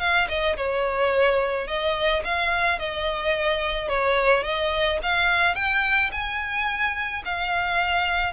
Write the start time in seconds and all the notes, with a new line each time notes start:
0.00 F5
0.29 D#5
0.57 C#5
1.67 D#5
2.24 F5
2.79 D#5
3.89 C#5
4.43 D#5
5.03 F5
5.55 G5
6.12 G#5
7.25 F5